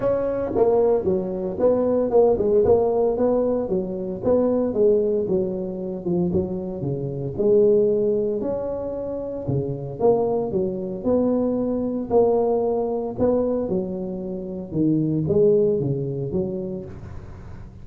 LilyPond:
\new Staff \with { instrumentName = "tuba" } { \time 4/4 \tempo 4 = 114 cis'4 ais4 fis4 b4 | ais8 gis8 ais4 b4 fis4 | b4 gis4 fis4. f8 | fis4 cis4 gis2 |
cis'2 cis4 ais4 | fis4 b2 ais4~ | ais4 b4 fis2 | dis4 gis4 cis4 fis4 | }